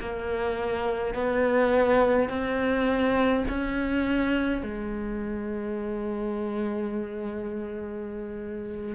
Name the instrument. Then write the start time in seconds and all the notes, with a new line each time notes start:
cello
0.00 A#3
1.14 B3
2.29 C4
3.48 C#4
4.62 G#3